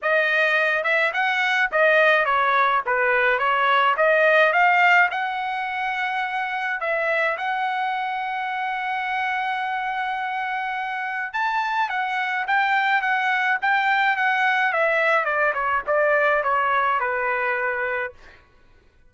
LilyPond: \new Staff \with { instrumentName = "trumpet" } { \time 4/4 \tempo 4 = 106 dis''4. e''8 fis''4 dis''4 | cis''4 b'4 cis''4 dis''4 | f''4 fis''2. | e''4 fis''2.~ |
fis''1 | a''4 fis''4 g''4 fis''4 | g''4 fis''4 e''4 d''8 cis''8 | d''4 cis''4 b'2 | }